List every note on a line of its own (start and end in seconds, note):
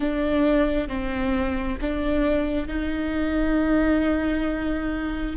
0.00 0.88 D4
0.88 1.77 C4
1.81 2.67 D4
2.67 5.36 D#4